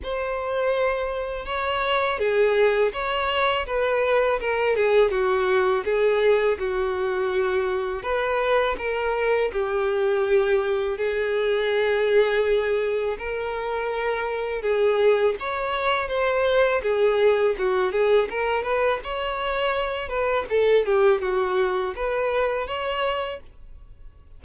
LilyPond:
\new Staff \with { instrumentName = "violin" } { \time 4/4 \tempo 4 = 82 c''2 cis''4 gis'4 | cis''4 b'4 ais'8 gis'8 fis'4 | gis'4 fis'2 b'4 | ais'4 g'2 gis'4~ |
gis'2 ais'2 | gis'4 cis''4 c''4 gis'4 | fis'8 gis'8 ais'8 b'8 cis''4. b'8 | a'8 g'8 fis'4 b'4 cis''4 | }